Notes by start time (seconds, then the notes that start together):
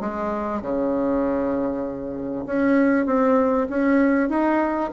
0.00 G#3
0.62 C#3
2.46 C#4
3.06 C4
3.69 C#4
4.29 D#4